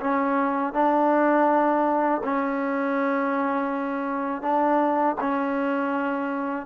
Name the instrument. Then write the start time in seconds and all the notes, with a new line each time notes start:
trombone
0.00 C#4
0.73 D4
2.24 C#4
4.42 D4
5.21 C#4